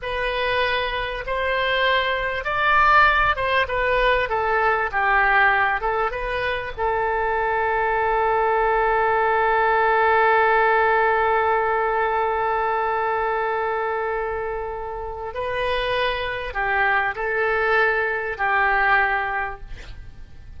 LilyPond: \new Staff \with { instrumentName = "oboe" } { \time 4/4 \tempo 4 = 98 b'2 c''2 | d''4. c''8 b'4 a'4 | g'4. a'8 b'4 a'4~ | a'1~ |
a'1~ | a'1~ | a'4 b'2 g'4 | a'2 g'2 | }